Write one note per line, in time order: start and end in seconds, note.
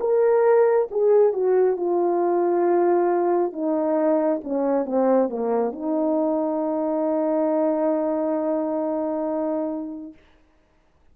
0.00 0.88 A#4
0.91 1.33 G#4
1.33 1.76 F#4
1.76 3.53 F4
3.53 4.41 D#4
4.44 4.85 C#4
4.85 5.29 C4
5.29 5.72 A#3
5.72 10.13 D#4